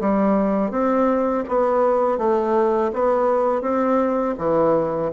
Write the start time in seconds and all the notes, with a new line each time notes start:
0.00 G3
0.71 C4
1.48 B3
2.18 A3
2.93 B3
3.62 C4
4.38 E3